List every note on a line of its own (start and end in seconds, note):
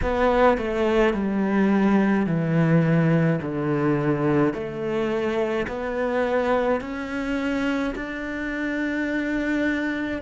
0.02 0.57 B3
0.57 1.13 A3
1.13 2.26 G3
2.26 3.39 E3
3.42 4.53 D3
4.53 5.66 A3
5.67 6.80 B3
6.80 7.93 C#4
7.95 10.21 D4